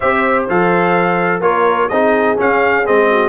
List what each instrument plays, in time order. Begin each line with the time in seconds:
0.00 tuba C4, trombone G4, horn C5, trumpet E5
0.49 tuba F3, trombone A4, trumpet F5
1.40 tuba A#3, trombone F4, horn A#4, trumpet C#5
1.89 tuba C4, trombone D#4, horn G#4, trumpet D#5
2.36 trombone C#4, tuba C#4, trumpet F5
2.85 tuba G#3, trombone C4, trumpet D#5
3.10 horn F#4